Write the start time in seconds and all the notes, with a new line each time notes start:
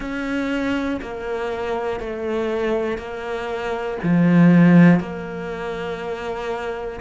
0.00 C#4
1.01 A#3
2.00 A3
2.98 A#3
4.03 F3
5.00 A#3